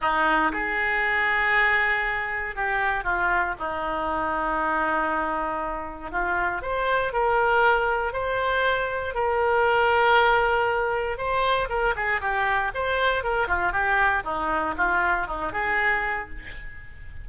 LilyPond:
\new Staff \with { instrumentName = "oboe" } { \time 4/4 \tempo 4 = 118 dis'4 gis'2.~ | gis'4 g'4 f'4 dis'4~ | dis'1 | f'4 c''4 ais'2 |
c''2 ais'2~ | ais'2 c''4 ais'8 gis'8 | g'4 c''4 ais'8 f'8 g'4 | dis'4 f'4 dis'8 gis'4. | }